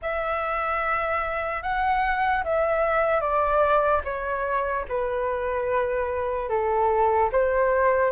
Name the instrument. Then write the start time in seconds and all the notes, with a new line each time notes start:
flute
0.02 E5
1.62 F#5
2.43 E5
3.20 D5
4.04 C#5
4.88 B4
6.49 A4
7.32 C5